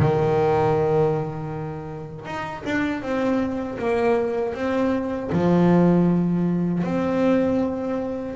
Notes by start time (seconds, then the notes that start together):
0.00 D#3
2.26 D#4
2.65 D4
3.02 C4
3.79 A#3
4.55 C4
5.32 F3
6.84 C4